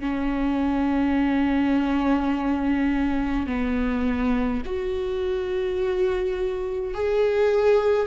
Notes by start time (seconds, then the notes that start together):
0.00 C#4
3.46 B3
4.65 F#4
6.94 G#4